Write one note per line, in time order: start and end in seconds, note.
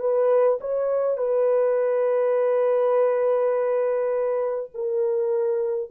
0.00 0.59 B4
0.60 1.17 C#5
1.17 4.70 B4
4.74 5.90 A#4